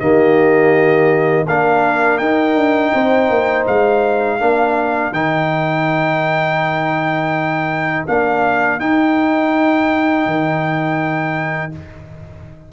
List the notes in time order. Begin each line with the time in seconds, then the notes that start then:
0.00 D#3 A#3 G4 D#5
1.46 A#3 D4 A#4 F5
2.18 D#4 G5
2.56 D4
2.94 C4 C5
3.30 A#3
3.67 G#3 F5
4.39 A#3 D4 A#4
5.12 D#3 D#4 G5
8.07 A#3 D4 F5
8.80 D#4 G5
10.27 D#3